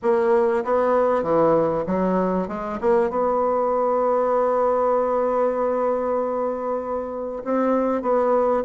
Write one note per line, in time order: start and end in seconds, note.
0.02 0.64 A#3
0.64 1.22 B3
1.22 1.84 E3
1.86 2.48 F#3
2.48 2.79 G#3
2.80 3.10 A#3
3.10 7.43 B3
7.44 8.01 C4
8.01 8.63 B3